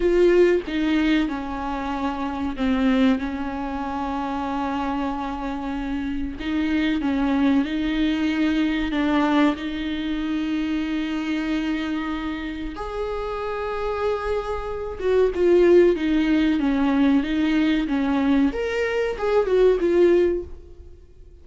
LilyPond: \new Staff \with { instrumentName = "viola" } { \time 4/4 \tempo 4 = 94 f'4 dis'4 cis'2 | c'4 cis'2.~ | cis'2 dis'4 cis'4 | dis'2 d'4 dis'4~ |
dis'1 | gis'2.~ gis'8 fis'8 | f'4 dis'4 cis'4 dis'4 | cis'4 ais'4 gis'8 fis'8 f'4 | }